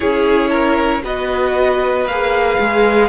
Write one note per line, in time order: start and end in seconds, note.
0.00 1.03 C#4
0.00 1.03 E4
0.00 0.50 G#4
0.00 1.02 C#5
0.50 1.02 A#4
1.03 2.06 B3
1.03 2.06 F#4
1.03 3.09 B4
1.03 2.07 D#5
2.06 2.57 A#3
2.06 3.09 G#4
2.06 3.09 F5
2.59 3.09 G#3